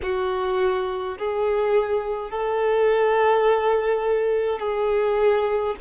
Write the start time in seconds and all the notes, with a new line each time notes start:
0.02 F#4
1.18 G#4
2.30 A4
4.59 G#4